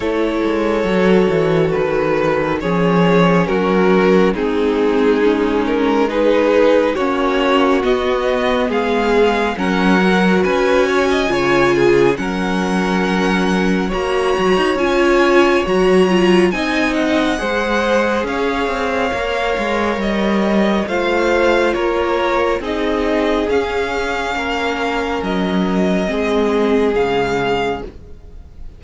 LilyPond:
<<
  \new Staff \with { instrumentName = "violin" } { \time 4/4 \tempo 4 = 69 cis''2 b'4 cis''4 | ais'4 gis'4. ais'8 b'4 | cis''4 dis''4 f''4 fis''4 | gis''2 fis''2 |
ais''4 gis''4 ais''4 gis''8 fis''8~ | fis''4 f''2 dis''4 | f''4 cis''4 dis''4 f''4~ | f''4 dis''2 f''4 | }
  \new Staff \with { instrumentName = "violin" } { \time 4/4 a'2. gis'4 | fis'4 dis'2 gis'4 | fis'2 gis'4 ais'4 | b'8 cis''16 dis''16 cis''8 gis'8 ais'2 |
cis''2. dis''4 | c''4 cis''2. | c''4 ais'4 gis'2 | ais'2 gis'2 | }
  \new Staff \with { instrumentName = "viola" } { \time 4/4 e'4 fis'2 cis'4~ | cis'4 c'4 cis'4 dis'4 | cis'4 b2 cis'8 fis'8~ | fis'4 f'4 cis'2 |
fis'4 f'4 fis'8 f'8 dis'4 | gis'2 ais'2 | f'2 dis'4 cis'4~ | cis'2 c'4 gis4 | }
  \new Staff \with { instrumentName = "cello" } { \time 4/4 a8 gis8 fis8 e8 dis4 f4 | fis4 gis2. | ais4 b4 gis4 fis4 | cis'4 cis4 fis2 |
ais8 fis16 dis'16 cis'4 fis4 c'4 | gis4 cis'8 c'8 ais8 gis8 g4 | a4 ais4 c'4 cis'4 | ais4 fis4 gis4 cis4 | }
>>